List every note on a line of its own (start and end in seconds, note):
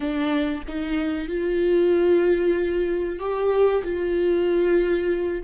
0.00 0.63 D4
0.67 1.28 D#4
1.28 3.19 F4
3.19 3.83 G4
3.83 5.43 F4